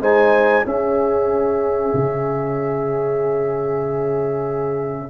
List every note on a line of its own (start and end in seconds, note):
0.00 0.64 G#3
0.00 0.64 D#4
0.00 0.64 C5
0.00 0.66 G#5
0.64 5.10 C#4
0.64 1.93 C#4
0.64 5.10 G#4
0.64 5.10 E5
1.93 5.10 C#3